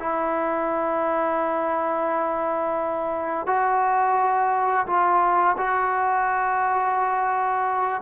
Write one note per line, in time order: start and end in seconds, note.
0.00 3.47 E4
3.47 4.87 F#4
4.87 5.57 F4
5.58 8.02 F#4